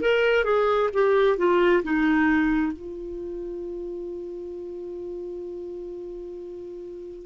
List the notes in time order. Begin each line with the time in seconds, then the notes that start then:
0.00 A#4
0.44 G#4
0.93 G4
1.37 F4
1.83 D#4
2.72 F4